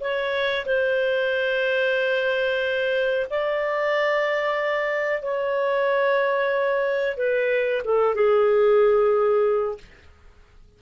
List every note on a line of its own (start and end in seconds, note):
0.00 0.65 C#5
0.66 3.27 C5
3.30 5.22 D5
5.22 7.17 C#5
7.17 7.82 B4
7.84 8.15 A4
8.15 9.78 G#4